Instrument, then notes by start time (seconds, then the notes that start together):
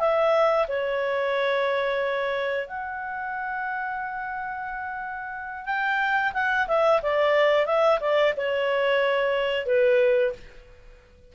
clarinet
0.00 E5
0.68 C#5
2.68 F#5
5.66 G5
6.34 F#5
6.68 E5
7.03 D5
7.66 E5
8.01 D5
8.37 C#5
9.66 B4